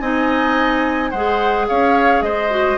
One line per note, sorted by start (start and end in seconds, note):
0.00 1.12 C4
0.00 1.12 D#4
0.00 1.11 D#5
0.00 1.11 G#5
1.11 1.69 G#3
1.11 2.50 G#4
1.11 1.66 C5
1.11 1.66 F#5
1.68 2.22 C#4
1.68 2.24 C#5
1.68 2.23 F5
2.22 2.77 G#3
2.22 2.78 C5
2.22 2.78 D#5
2.50 2.78 F#4